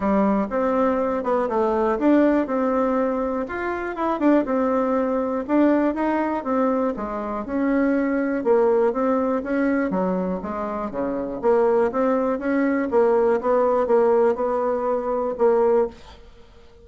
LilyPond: \new Staff \with { instrumentName = "bassoon" } { \time 4/4 \tempo 4 = 121 g4 c'4. b8 a4 | d'4 c'2 f'4 | e'8 d'8 c'2 d'4 | dis'4 c'4 gis4 cis'4~ |
cis'4 ais4 c'4 cis'4 | fis4 gis4 cis4 ais4 | c'4 cis'4 ais4 b4 | ais4 b2 ais4 | }